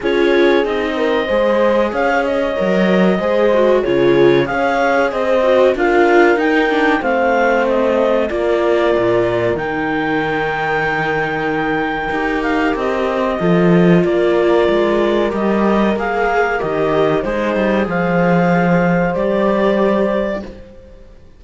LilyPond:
<<
  \new Staff \with { instrumentName = "clarinet" } { \time 4/4 \tempo 4 = 94 cis''4 dis''2 f''8 dis''8~ | dis''2 cis''4 f''4 | dis''4 f''4 g''4 f''4 | dis''4 d''2 g''4~ |
g''2.~ g''8 f''8 | dis''2 d''2 | dis''4 f''4 dis''4 c''4 | f''2 d''2 | }
  \new Staff \with { instrumentName = "horn" } { \time 4/4 gis'4. ais'8 c''4 cis''4~ | cis''4 c''4 gis'4 cis''4 | c''4 ais'2 c''4~ | c''4 ais'2.~ |
ais'1~ | ais'4 a'4 ais'2~ | ais'2. dis'4 | c''1 | }
  \new Staff \with { instrumentName = "viola" } { \time 4/4 f'4 dis'4 gis'2 | ais'4 gis'8 fis'8 f'4 gis'4~ | gis'8 fis'8 f'4 dis'8 d'8 c'4~ | c'4 f'2 dis'4~ |
dis'2. g'4~ | g'4 f'2. | g'4 gis'4 g'4 gis'4~ | gis'2 g'2 | }
  \new Staff \with { instrumentName = "cello" } { \time 4/4 cis'4 c'4 gis4 cis'4 | fis4 gis4 cis4 cis'4 | c'4 d'4 dis'4 a4~ | a4 ais4 ais,4 dis4~ |
dis2. dis'4 | c'4 f4 ais4 gis4 | g4 ais4 dis4 gis8 g8 | f2 g2 | }
>>